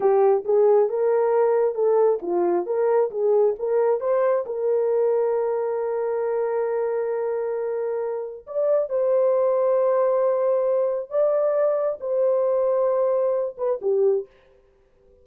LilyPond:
\new Staff \with { instrumentName = "horn" } { \time 4/4 \tempo 4 = 135 g'4 gis'4 ais'2 | a'4 f'4 ais'4 gis'4 | ais'4 c''4 ais'2~ | ais'1~ |
ais'2. d''4 | c''1~ | c''4 d''2 c''4~ | c''2~ c''8 b'8 g'4 | }